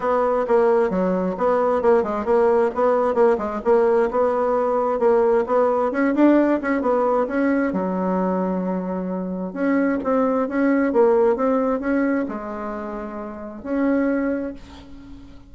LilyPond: \new Staff \with { instrumentName = "bassoon" } { \time 4/4 \tempo 4 = 132 b4 ais4 fis4 b4 | ais8 gis8 ais4 b4 ais8 gis8 | ais4 b2 ais4 | b4 cis'8 d'4 cis'8 b4 |
cis'4 fis2.~ | fis4 cis'4 c'4 cis'4 | ais4 c'4 cis'4 gis4~ | gis2 cis'2 | }